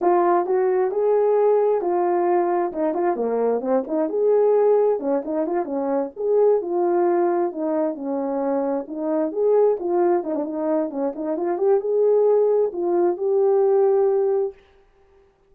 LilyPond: \new Staff \with { instrumentName = "horn" } { \time 4/4 \tempo 4 = 132 f'4 fis'4 gis'2 | f'2 dis'8 f'8 ais4 | c'8 dis'8 gis'2 cis'8 dis'8 | f'8 cis'4 gis'4 f'4.~ |
f'8 dis'4 cis'2 dis'8~ | dis'8 gis'4 f'4 dis'16 d'16 dis'4 | cis'8 dis'8 f'8 g'8 gis'2 | f'4 g'2. | }